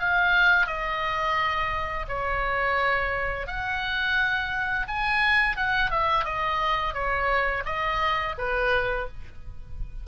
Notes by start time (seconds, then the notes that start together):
0.00 F5
0.67 D#5
2.09 C#5
3.48 F#5
4.88 G#5
5.57 F#5
5.91 E5
6.25 D#5
6.94 C#5
7.66 D#5
8.38 B4